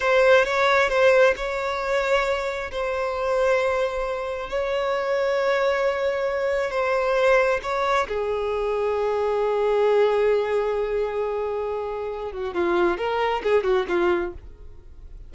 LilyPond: \new Staff \with { instrumentName = "violin" } { \time 4/4 \tempo 4 = 134 c''4 cis''4 c''4 cis''4~ | cis''2 c''2~ | c''2 cis''2~ | cis''2. c''4~ |
c''4 cis''4 gis'2~ | gis'1~ | gis'2.~ gis'8 fis'8 | f'4 ais'4 gis'8 fis'8 f'4 | }